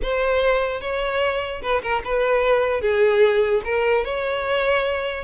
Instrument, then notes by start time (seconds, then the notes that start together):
violin
0.02 C5
0.81 C#5
1.62 B4
1.82 A#4
2.04 B4
2.81 G#4
3.64 A#4
4.04 C#5